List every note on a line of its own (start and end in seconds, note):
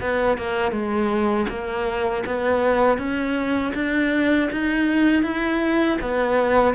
0.00 0.37 B3
0.37 0.71 A#3
0.71 1.46 G#3
1.48 2.23 A#3
2.26 2.98 B3
2.98 3.73 C#4
3.74 4.49 D4
4.51 5.22 D#4
5.22 5.97 E4
6.01 6.74 B3